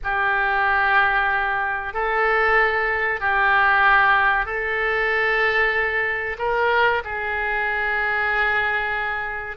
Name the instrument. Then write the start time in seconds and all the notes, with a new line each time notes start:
oboe
0.03 G4
1.93 A4
3.20 G4
4.45 A4
6.38 A#4
7.04 G#4